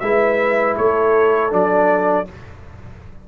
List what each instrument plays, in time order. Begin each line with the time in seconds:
0.00 tuba G#3, trombone E4, horn B4, trumpet E5
0.78 tuba A3, horn A4, trumpet C#5
1.50 tuba F#3, trombone D4, trumpet D5